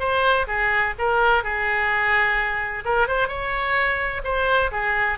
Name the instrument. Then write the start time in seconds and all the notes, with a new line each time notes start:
oboe
0.00 C5
0.48 G#4
0.98 A#4
1.44 G#4
2.85 A#4
3.08 C5
3.28 C#5
4.24 C5
4.72 G#4